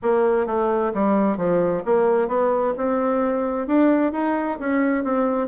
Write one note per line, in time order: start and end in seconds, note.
0.02 0.46 A#3
0.46 0.92 A3
0.93 1.37 G3
1.37 1.83 F3
1.85 2.28 A#3
2.28 2.73 B3
2.77 3.67 C4
3.67 4.12 D4
4.12 4.58 D#4
4.59 5.04 C#4
5.04 5.47 C4